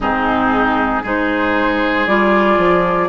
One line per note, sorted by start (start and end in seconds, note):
0.00 1.03 G#2
0.00 1.03 C4
0.00 1.02 D#4
0.00 1.04 G#4
1.02 2.06 G#3
1.02 2.07 D#4
1.02 3.08 G#4
1.02 2.06 C5
2.06 2.57 G3
2.06 3.08 F4
2.06 3.08 D5
2.57 3.08 F3